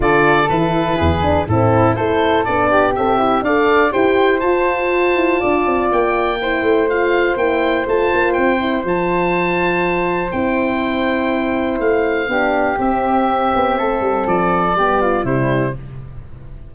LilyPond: <<
  \new Staff \with { instrumentName = "oboe" } { \time 4/4 \tempo 4 = 122 d''4 b'2 a'4 | c''4 d''4 e''4 f''4 | g''4 a''2. | g''2 f''4 g''4 |
a''4 g''4 a''2~ | a''4 g''2. | f''2 e''2~ | e''4 d''2 c''4 | }
  \new Staff \with { instrumentName = "flute" } { \time 4/4 a'2 gis'4 e'4 | a'4. g'4. d''4 | c''2. d''4~ | d''4 c''2.~ |
c''1~ | c''1~ | c''4 g'2. | a'2 g'8 f'8 e'4 | }
  \new Staff \with { instrumentName = "horn" } { \time 4/4 f'4 e'4. d'8 c'4 | e'4 d'4 a'8 e'8 a'4 | g'4 f'2.~ | f'4 e'4 f'4 e'4 |
f'4. e'8 f'2~ | f'4 e'2.~ | e'4 d'4 c'2~ | c'2 b4 g4 | }
  \new Staff \with { instrumentName = "tuba" } { \time 4/4 d4 e4 e,4 a,4 | a4 b4 c'4 d'4 | e'4 f'4. e'8 d'8 c'8 | ais4. a4. ais4 |
a8 ais8 c'4 f2~ | f4 c'2. | a4 b4 c'4. b8 | a8 g8 f4 g4 c4 | }
>>